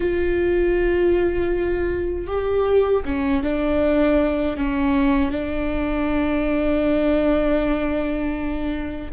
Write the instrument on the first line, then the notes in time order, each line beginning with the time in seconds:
viola
0.00 F4
2.27 G4
3.05 C#4
3.43 D4
4.56 C#4
5.31 D4